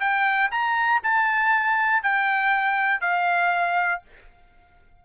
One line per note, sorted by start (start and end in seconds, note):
0.00 0.50 G5
0.51 1.01 A#5
1.03 2.03 A5
2.03 3.01 G5
3.01 4.02 F5